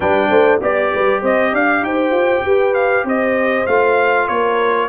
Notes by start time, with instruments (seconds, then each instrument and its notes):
0.00 tuba G3, trombone D4, horn B4, trumpet G5
0.29 tuba A3, horn C5
0.60 tuba B3, trombone G4, horn D5, trumpet D5
0.93 tuba G3, horn B4
1.21 tuba C4, horn C5, trumpet D#5
1.52 tuba D4, horn D5, trumpet F5
1.82 tuba D#4, horn C5, trumpet G5
2.10 tuba F4
2.45 tuba G4, horn B4
2.74 trumpet F5
3.03 tuba C4, horn C5, trumpet D#5
3.66 tuba A3, trombone F4, trumpet F5
4.27 tuba A#3, horn A#4, trumpet C#5